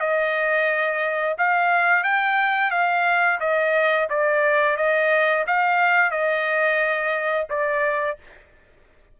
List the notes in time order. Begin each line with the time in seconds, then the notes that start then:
0.00 D#5
1.38 F5
2.03 G5
2.71 F5
3.40 D#5
4.09 D5
4.77 D#5
5.47 F5
6.11 D#5
7.50 D5